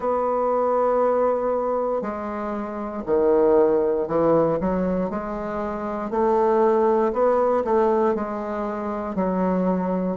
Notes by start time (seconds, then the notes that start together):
0.00 B3
2.01 G#3
3.06 D#3
4.07 E3
4.60 F#3
5.09 G#3
6.10 A3
7.12 B3
7.64 A3
8.14 G#3
9.15 F#3